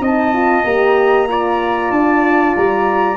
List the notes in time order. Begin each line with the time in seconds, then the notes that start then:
0.00 C4 D#4 D#5 A5
0.33 F4
0.64 A#3 G4 A#5
1.28 F4 D5
1.90 D4 A5
2.56 G3 A#5